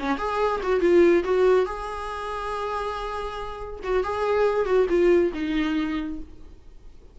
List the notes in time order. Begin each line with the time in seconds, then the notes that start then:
0.00 C#4
0.18 G#4
0.63 F#4
0.81 F4
1.24 F#4
1.66 G#4
3.84 F#4
4.04 G#4
4.66 F#4
4.90 F4
5.34 D#4